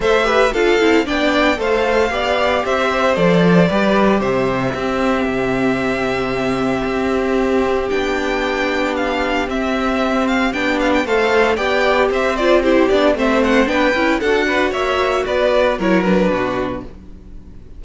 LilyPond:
<<
  \new Staff \with { instrumentName = "violin" } { \time 4/4 \tempo 4 = 114 e''4 f''4 g''4 f''4~ | f''4 e''4 d''2 | e''1~ | e''2. g''4~ |
g''4 f''4 e''4. f''8 | g''8 f''16 g''16 f''4 g''4 e''8 d''8 | c''8 d''8 e''8 fis''8 g''4 fis''4 | e''4 d''4 cis''8 b'4. | }
  \new Staff \with { instrumentName = "violin" } { \time 4/4 c''8 b'8 a'4 d''4 c''4 | d''4 c''2 b'4 | c''4 g'2.~ | g'1~ |
g'1~ | g'4 c''4 d''4 c''4 | g'4 c''4 b'4 a'8 b'8 | cis''4 b'4 ais'4 fis'4 | }
  \new Staff \with { instrumentName = "viola" } { \time 4/4 a'8 g'8 f'8 e'8 d'4 a'4 | g'2 a'4 g'4~ | g'4 c'2.~ | c'2. d'4~ |
d'2 c'2 | d'4 a'4 g'4. f'8 | e'8 d'8 c'4 d'8 e'8 fis'4~ | fis'2 e'8 d'4. | }
  \new Staff \with { instrumentName = "cello" } { \time 4/4 a4 d'8 c'8 b4 a4 | b4 c'4 f4 g4 | c4 c'4 c2~ | c4 c'2 b4~ |
b2 c'2 | b4 a4 b4 c'4~ | c'8 b8 a4 b8 cis'8 d'4 | ais4 b4 fis4 b,4 | }
>>